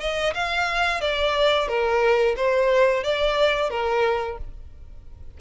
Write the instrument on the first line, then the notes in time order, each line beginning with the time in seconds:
violin
0.00 D#5
0.34 F5
1.01 D5
1.68 A#4
2.37 C5
3.04 D5
3.70 A#4